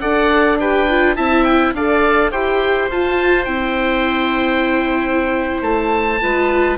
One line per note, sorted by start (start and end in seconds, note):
0.00 1.17 D4
0.00 0.59 A4
0.00 0.59 D5
0.00 0.58 F#5
0.59 0.88 G4
0.59 1.16 B4
0.59 1.16 G5
0.89 1.17 F4
1.16 1.73 C4
1.16 1.75 E4
1.16 1.73 E5
1.16 1.44 A5
1.44 1.73 G5
1.73 2.31 D4
1.73 2.31 A4
1.73 2.31 D5
1.73 2.31 F5
2.31 2.89 E4
2.31 2.89 G4
2.31 6.21 C5
2.31 2.89 G5
2.89 3.46 F4
2.89 3.45 A5
3.45 5.61 C4
3.45 6.20 E4
3.45 5.61 G5
5.61 6.19 A3
5.61 6.78 A5
6.20 6.78 G#3
6.20 6.78 F4
6.20 6.78 B4